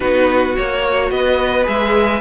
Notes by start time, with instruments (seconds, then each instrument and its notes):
0.00 cello B3, viola D#4, violin F#4 B4
0.56 cello A#3, viola F#4, violin C#5
1.10 cello B3, violin B4 D#5
1.63 cello G#3, viola G#4, violin E5